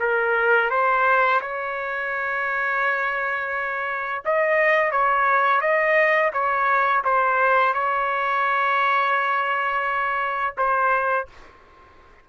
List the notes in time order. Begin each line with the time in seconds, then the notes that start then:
0.00 A#4
0.70 C5
1.41 C#5
4.25 D#5
4.92 C#5
5.61 D#5
6.33 C#5
7.05 C5
7.74 C#5
10.58 C5